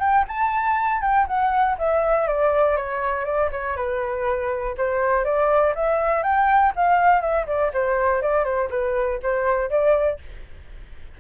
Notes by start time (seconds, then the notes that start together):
0.00 G5
0.28 A5
1.02 G5
1.28 F#5
1.78 E5
2.28 D5
2.77 C#5
3.25 D5
3.51 C#5
3.77 B4
4.78 C5
5.24 D5
5.75 E5
6.23 G5
6.76 F5
7.21 E5
7.47 D5
7.74 C5
8.22 D5
8.44 C5
8.70 B4
9.23 C5
9.70 D5